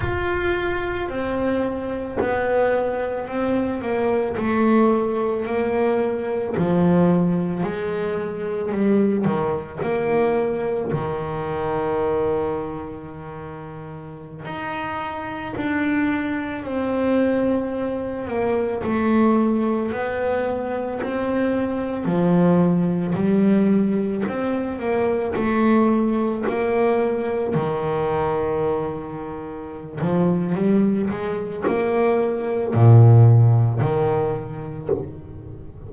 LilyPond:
\new Staff \with { instrumentName = "double bass" } { \time 4/4 \tempo 4 = 55 f'4 c'4 b4 c'8 ais8 | a4 ais4 f4 gis4 | g8 dis8 ais4 dis2~ | dis4~ dis16 dis'4 d'4 c'8.~ |
c'8. ais8 a4 b4 c'8.~ | c'16 f4 g4 c'8 ais8 a8.~ | a16 ais4 dis2~ dis16 f8 | g8 gis8 ais4 ais,4 dis4 | }